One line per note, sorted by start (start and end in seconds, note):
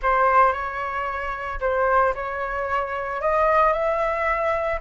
0.02 0.52 C5
0.52 1.59 C#5
1.60 2.14 C5
2.14 3.21 C#5
3.21 3.72 D#5
3.72 4.79 E5